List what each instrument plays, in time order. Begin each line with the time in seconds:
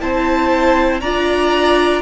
0.00 cello C4, viola E4, violin C5 A5
1.00 cello D4, viola F4, violin D5 A#5